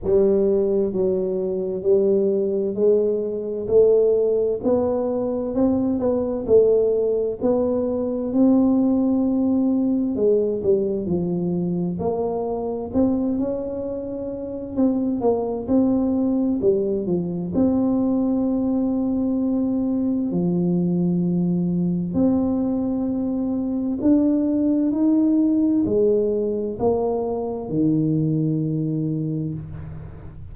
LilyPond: \new Staff \with { instrumentName = "tuba" } { \time 4/4 \tempo 4 = 65 g4 fis4 g4 gis4 | a4 b4 c'8 b8 a4 | b4 c'2 gis8 g8 | f4 ais4 c'8 cis'4. |
c'8 ais8 c'4 g8 f8 c'4~ | c'2 f2 | c'2 d'4 dis'4 | gis4 ais4 dis2 | }